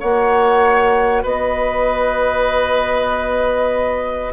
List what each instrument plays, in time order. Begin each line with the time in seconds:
0.00 bassoon A#3, clarinet F#4, oboe C#5, flute F#5
1.23 bassoon B3, oboe B4, flute D#5